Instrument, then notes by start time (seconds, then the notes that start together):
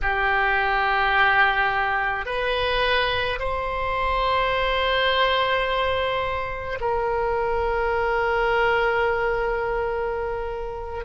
oboe
0.02 G4
2.25 B4
3.39 C5
6.80 A#4